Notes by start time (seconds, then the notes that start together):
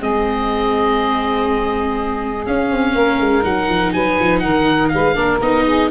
0.00 G#3 C4 G#4 D#5
2.47 C#4 F5
2.71 C4
2.95 A#3 A#4
3.20 G#3
3.43 F#3 D#4 F#5
3.69 F3
3.93 F#3 B4 G#5
4.20 F3
4.40 D#3 A#4 F#5
4.89 G#3 B4 F5
5.15 A#3 D4 A#4
5.42 B3 D#4 D#5
5.66 G#4